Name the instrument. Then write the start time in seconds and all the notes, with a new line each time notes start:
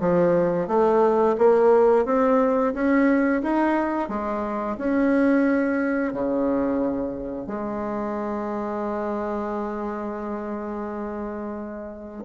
bassoon
0.00 F3
0.68 A3
1.38 A#3
2.05 C4
2.74 C#4
3.42 D#4
4.09 G#3
4.78 C#4
6.13 C#3
7.47 G#3